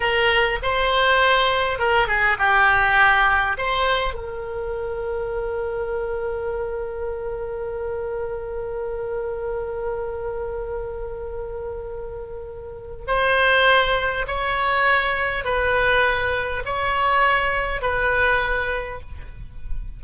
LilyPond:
\new Staff \with { instrumentName = "oboe" } { \time 4/4 \tempo 4 = 101 ais'4 c''2 ais'8 gis'8 | g'2 c''4 ais'4~ | ais'1~ | ais'1~ |
ais'1~ | ais'2 c''2 | cis''2 b'2 | cis''2 b'2 | }